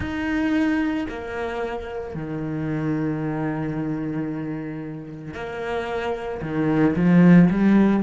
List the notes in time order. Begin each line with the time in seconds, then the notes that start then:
0.00 D#4
1.08 A#3
2.14 D#3
5.33 A#3
6.42 D#3
6.96 F3
7.50 G3